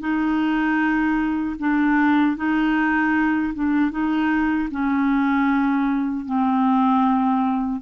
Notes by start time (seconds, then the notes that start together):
0.00 D#4
1.59 D4
2.36 D#4
3.54 D4
3.91 D#4
4.71 C#4
6.25 C4